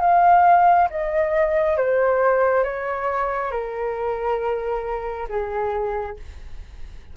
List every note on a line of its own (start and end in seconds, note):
0.00 0.88 F5
0.90 1.77 D#5
1.77 2.64 C5
2.64 3.51 C#5
3.51 5.28 A#4
5.29 6.17 G#4